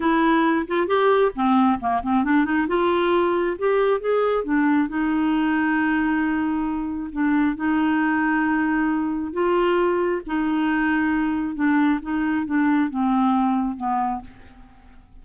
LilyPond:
\new Staff \with { instrumentName = "clarinet" } { \time 4/4 \tempo 4 = 135 e'4. f'8 g'4 c'4 | ais8 c'8 d'8 dis'8 f'2 | g'4 gis'4 d'4 dis'4~ | dis'1 |
d'4 dis'2.~ | dis'4 f'2 dis'4~ | dis'2 d'4 dis'4 | d'4 c'2 b4 | }